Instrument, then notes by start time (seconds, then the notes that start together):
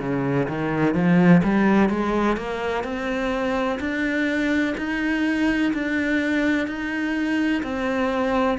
cello
0.00 C#3
0.49 D#3
0.95 F3
1.44 G3
1.90 G#3
2.38 A#3
2.84 C4
3.80 D4
4.78 D#4
5.74 D4
6.68 D#4
7.63 C4